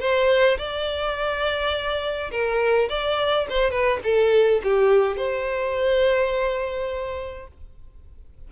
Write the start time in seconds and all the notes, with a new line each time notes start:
0.00 C5
0.58 D5
2.31 A#4
2.89 D5
3.50 C5
3.71 B4
4.04 A4
4.64 G4
5.17 C5